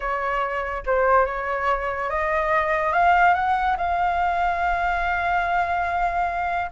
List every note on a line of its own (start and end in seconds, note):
0.00 0.83 C#5
0.85 1.25 C5
1.25 2.09 C#5
2.09 2.93 D#5
2.93 3.34 F5
3.34 3.76 F#5
3.77 6.70 F5